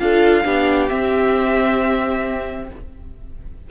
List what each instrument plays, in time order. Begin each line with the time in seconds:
0.00 cello D4, viola F4, violin A4 F5
0.44 cello B3, viola D4, violin G4
0.89 viola C4, cello C4, violin E5